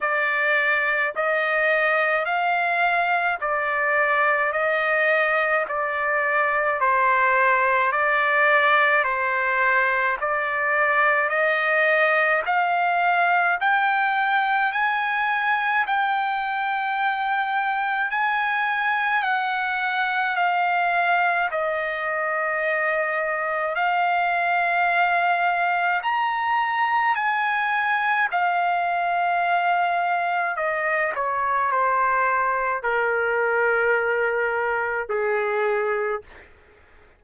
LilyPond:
\new Staff \with { instrumentName = "trumpet" } { \time 4/4 \tempo 4 = 53 d''4 dis''4 f''4 d''4 | dis''4 d''4 c''4 d''4 | c''4 d''4 dis''4 f''4 | g''4 gis''4 g''2 |
gis''4 fis''4 f''4 dis''4~ | dis''4 f''2 ais''4 | gis''4 f''2 dis''8 cis''8 | c''4 ais'2 gis'4 | }